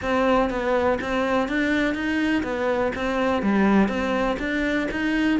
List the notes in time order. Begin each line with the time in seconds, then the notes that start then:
0.02 C4
0.50 B3
1.01 C4
1.48 D4
1.94 D#4
2.43 B3
2.95 C4
3.42 G3
3.88 C4
4.39 D4
4.91 D#4